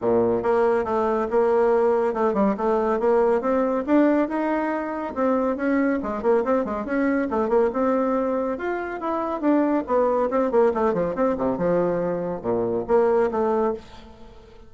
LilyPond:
\new Staff \with { instrumentName = "bassoon" } { \time 4/4 \tempo 4 = 140 ais,4 ais4 a4 ais4~ | ais4 a8 g8 a4 ais4 | c'4 d'4 dis'2 | c'4 cis'4 gis8 ais8 c'8 gis8 |
cis'4 a8 ais8 c'2 | f'4 e'4 d'4 b4 | c'8 ais8 a8 f8 c'8 c8 f4~ | f4 ais,4 ais4 a4 | }